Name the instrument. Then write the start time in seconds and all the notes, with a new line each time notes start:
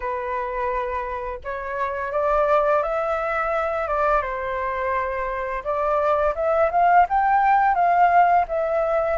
flute
0.00 B4
1.43 C#5
2.12 D5
2.82 E5
3.87 D5
4.22 C5
5.63 D5
6.35 E5
6.71 F5
7.09 G5
7.75 F5
8.48 E5